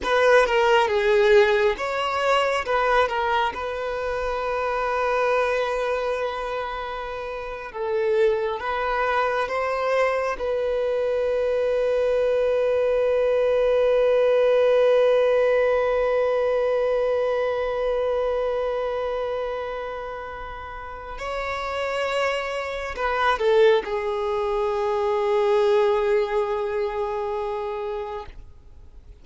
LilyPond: \new Staff \with { instrumentName = "violin" } { \time 4/4 \tempo 4 = 68 b'8 ais'8 gis'4 cis''4 b'8 ais'8 | b'1~ | b'8. a'4 b'4 c''4 b'16~ | b'1~ |
b'1~ | b'1 | cis''2 b'8 a'8 gis'4~ | gis'1 | }